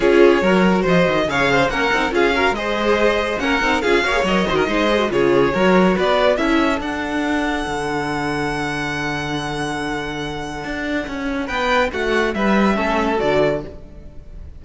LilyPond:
<<
  \new Staff \with { instrumentName = "violin" } { \time 4/4 \tempo 4 = 141 cis''2 dis''4 f''4 | fis''4 f''4 dis''2 | fis''4 f''4 dis''2 | cis''2 d''4 e''4 |
fis''1~ | fis''1~ | fis''2. g''4 | fis''4 e''2 d''4 | }
  \new Staff \with { instrumentName = "violin" } { \time 4/4 gis'4 ais'4 c''4 cis''8 c''8 | ais'4 gis'8 ais'8 c''2 | ais'4 gis'8 cis''4 c''16 ais'16 c''4 | gis'4 ais'4 b'4 a'4~ |
a'1~ | a'1~ | a'2. b'4 | fis'4 b'4 a'2 | }
  \new Staff \with { instrumentName = "viola" } { \time 4/4 f'4 fis'2 gis'4 | cis'8 dis'8 f'8 fis'8 gis'2 | cis'8 dis'8 f'8 fis'16 gis'16 ais'8 fis'8 dis'8 gis'16 fis'16 | f'4 fis'2 e'4 |
d'1~ | d'1~ | d'1~ | d'2 cis'4 fis'4 | }
  \new Staff \with { instrumentName = "cello" } { \time 4/4 cis'4 fis4 f8 dis8 cis4 | ais8 c'8 cis'4 gis2 | ais8 c'8 cis'8 ais8 fis8 dis8 gis4 | cis4 fis4 b4 cis'4 |
d'2 d2~ | d1~ | d4 d'4 cis'4 b4 | a4 g4 a4 d4 | }
>>